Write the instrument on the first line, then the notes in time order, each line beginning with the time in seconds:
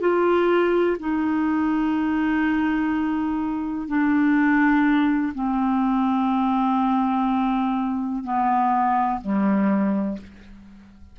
clarinet
0.00 F4
0.99 D#4
3.88 D4
5.34 C4
8.23 B3
9.21 G3